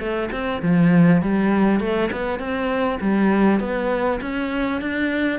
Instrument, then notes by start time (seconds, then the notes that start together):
cello
0.00 A3
0.32 C4
0.62 F3
1.22 G3
1.81 A3
2.12 B3
2.39 C4
3.01 G3
3.61 B3
4.22 C#4
4.82 D4